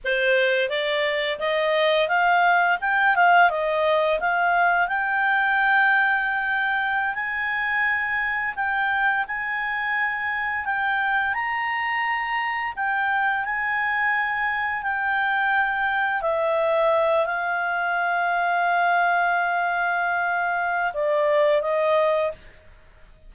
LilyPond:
\new Staff \with { instrumentName = "clarinet" } { \time 4/4 \tempo 4 = 86 c''4 d''4 dis''4 f''4 | g''8 f''8 dis''4 f''4 g''4~ | g''2~ g''16 gis''4.~ gis''16~ | gis''16 g''4 gis''2 g''8.~ |
g''16 ais''2 g''4 gis''8.~ | gis''4~ gis''16 g''2 e''8.~ | e''8. f''2.~ f''16~ | f''2 d''4 dis''4 | }